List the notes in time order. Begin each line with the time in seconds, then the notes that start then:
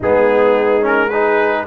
0.00 G#3 B3 D#4 G#4
0.81 C#4 A#4
1.08 D#4 G#4 B4